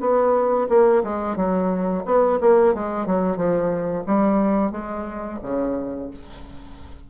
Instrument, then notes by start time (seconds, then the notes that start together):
bassoon
0.00 B3
0.69 A#3
1.03 G#3
1.36 F#3
2.05 B3
2.40 A#3
2.74 G#3
3.06 F#3
3.36 F3
4.06 G3
4.71 G#3
5.43 C#3